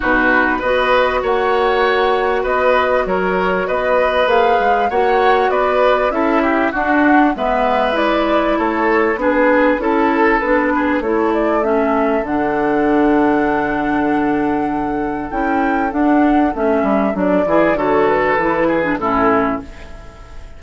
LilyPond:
<<
  \new Staff \with { instrumentName = "flute" } { \time 4/4 \tempo 4 = 98 b'4 dis''4 fis''2 | dis''4 cis''4 dis''4 f''4 | fis''4 d''4 e''4 fis''4 | e''4 d''4 cis''4 b'4 |
a'4 b'4 cis''8 d''8 e''4 | fis''1~ | fis''4 g''4 fis''4 e''4 | d''4 cis''8 b'4. a'4 | }
  \new Staff \with { instrumentName = "oboe" } { \time 4/4 fis'4 b'4 cis''2 | b'4 ais'4 b'2 | cis''4 b'4 a'8 g'8 fis'4 | b'2 a'4 gis'4 |
a'4. gis'8 a'2~ | a'1~ | a'1~ | a'8 gis'8 a'4. gis'8 e'4 | }
  \new Staff \with { instrumentName = "clarinet" } { \time 4/4 dis'4 fis'2.~ | fis'2. gis'4 | fis'2 e'4 d'4 | b4 e'2 d'4 |
e'4 d'4 e'4 cis'4 | d'1~ | d'4 e'4 d'4 cis'4 | d'8 e'8 fis'4 e'8. d'16 cis'4 | }
  \new Staff \with { instrumentName = "bassoon" } { \time 4/4 b,4 b4 ais2 | b4 fis4 b4 ais8 gis8 | ais4 b4 cis'4 d'4 | gis2 a4 b4 |
cis'4 b4 a2 | d1~ | d4 cis'4 d'4 a8 g8 | fis8 e8 d4 e4 a,4 | }
>>